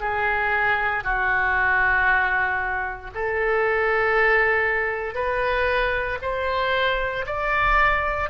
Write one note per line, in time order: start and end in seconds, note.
0.00 1.03 G#4
1.03 3.10 F#4
3.14 5.14 A4
5.14 6.18 B4
6.22 7.25 C5
7.26 8.29 D5